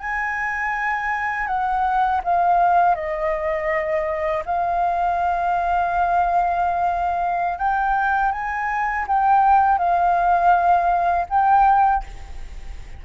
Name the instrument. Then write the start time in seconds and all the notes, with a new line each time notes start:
flute
0.00 G#5
1.47 F#5
2.24 F5
2.95 D#5
4.46 F5
7.59 G5
8.32 G#5
9.08 G5
9.78 F5
11.30 G5